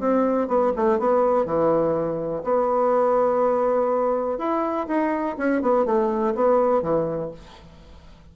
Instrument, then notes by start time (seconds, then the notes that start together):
bassoon
0.00 C4
0.48 B3
0.76 A3
0.99 B3
1.45 E3
2.44 B3
4.38 E4
4.88 D#4
5.38 C#4
5.62 B3
5.86 A3
6.35 B3
6.82 E3